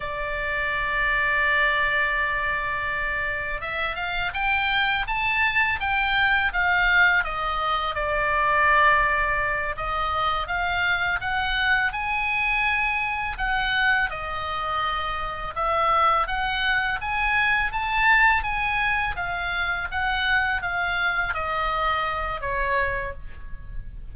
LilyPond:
\new Staff \with { instrumentName = "oboe" } { \time 4/4 \tempo 4 = 83 d''1~ | d''4 e''8 f''8 g''4 a''4 | g''4 f''4 dis''4 d''4~ | d''4. dis''4 f''4 fis''8~ |
fis''8 gis''2 fis''4 dis''8~ | dis''4. e''4 fis''4 gis''8~ | gis''8 a''4 gis''4 f''4 fis''8~ | fis''8 f''4 dis''4. cis''4 | }